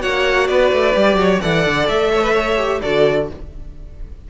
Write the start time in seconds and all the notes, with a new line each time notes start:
0.00 A#3 F#4 C#5 F#5
0.48 B3 B4 D5
0.72 A3
0.94 G3 G4
1.16 F#3 C#5
1.41 E3 A4 D5 F#5
1.67 D3
1.89 A3 E5
2.13 C#5
2.23 B4
2.34 C#5
2.58 G4
2.82 D3 F#4 A4 D5